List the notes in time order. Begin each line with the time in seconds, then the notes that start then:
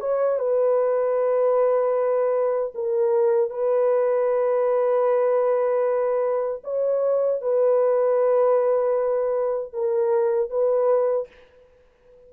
0.00 C#5
0.39 B4
2.74 A#4
3.50 B4
6.63 C#5
7.41 B4
9.73 A#4
10.50 B4